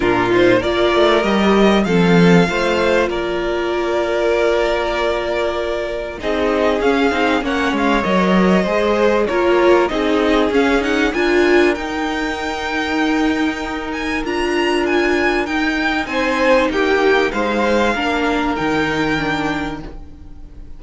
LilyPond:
<<
  \new Staff \with { instrumentName = "violin" } { \time 4/4 \tempo 4 = 97 ais'8 c''8 d''4 dis''4 f''4~ | f''4 d''2.~ | d''2 dis''4 f''4 | fis''8 f''8 dis''2 cis''4 |
dis''4 f''8 fis''8 gis''4 g''4~ | g''2~ g''8 gis''8 ais''4 | gis''4 g''4 gis''4 g''4 | f''2 g''2 | }
  \new Staff \with { instrumentName = "violin" } { \time 4/4 f'4 ais'2 a'4 | c''4 ais'2.~ | ais'2 gis'2 | cis''2 c''4 ais'4 |
gis'2 ais'2~ | ais'1~ | ais'2 c''4 g'4 | c''4 ais'2. | }
  \new Staff \with { instrumentName = "viola" } { \time 4/4 d'8 dis'8 f'4 g'4 c'4 | f'1~ | f'2 dis'4 cis'8 dis'8 | cis'4 ais'4 gis'4 f'4 |
dis'4 cis'8 dis'8 f'4 dis'4~ | dis'2. f'4~ | f'4 dis'2.~ | dis'4 d'4 dis'4 d'4 | }
  \new Staff \with { instrumentName = "cello" } { \time 4/4 ais,4 ais8 a8 g4 f4 | a4 ais2.~ | ais2 c'4 cis'8 c'8 | ais8 gis8 fis4 gis4 ais4 |
c'4 cis'4 d'4 dis'4~ | dis'2. d'4~ | d'4 dis'4 c'4 ais4 | gis4 ais4 dis2 | }
>>